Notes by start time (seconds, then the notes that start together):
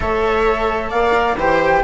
0.00 A3 A4 C#5 E5
0.90 A#3 D5 F5
1.12 A#4
1.35 E3 G4 C5 G5